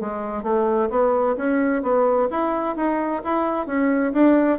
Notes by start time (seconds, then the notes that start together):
0.00 G#3
0.43 A3
0.90 B3
1.37 C#4
1.83 B3
2.30 E4
2.76 D#4
3.24 E4
3.67 C#4
4.13 D4